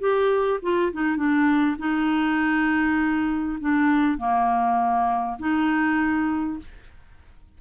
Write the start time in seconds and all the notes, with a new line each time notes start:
0.00 G4
0.63 F4
0.93 D#4
1.17 D4
1.79 D#4
3.61 D4
4.18 A#3
5.39 D#4